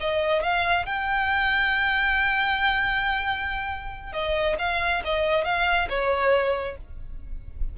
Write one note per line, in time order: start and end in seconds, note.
0.00 0.42 D#5
0.42 0.86 F5
0.86 4.12 G5
4.12 4.56 D#5
4.58 5.02 F5
5.04 5.44 D#5
5.44 5.88 F5
5.89 6.77 C#5